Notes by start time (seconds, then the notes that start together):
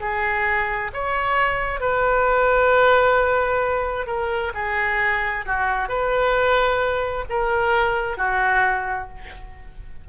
0.00 G#4
0.93 C#5
1.80 B4
4.06 A#4
4.54 G#4
5.46 F#4
5.88 B4
7.29 A#4
8.17 F#4